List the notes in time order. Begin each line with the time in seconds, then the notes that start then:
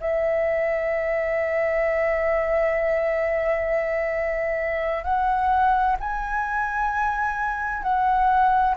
0.00 E5
5.03 F#5
6.00 G#5
7.83 F#5